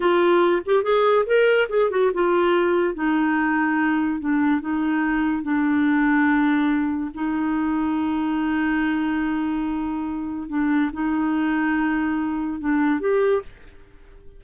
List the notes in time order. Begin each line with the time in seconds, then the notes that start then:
0.00 F4
0.65 G4
0.83 G#4
1.25 A#4
1.69 G#4
1.90 F#4
2.13 F4
2.94 D#4
4.20 D4
4.60 D#4
5.43 D4
7.14 D#4
10.48 D4
10.92 D#4
12.60 D4
13.00 G4